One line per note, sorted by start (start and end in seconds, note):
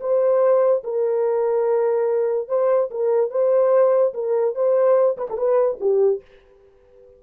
0.00 0.83 C5
0.83 2.48 A#4
2.48 2.89 C5
2.90 3.30 A#4
3.30 4.13 C5
4.13 4.55 A#4
4.55 5.17 C5
5.17 5.28 B4
5.29 5.37 A4
5.37 5.78 B4
5.80 6.21 G4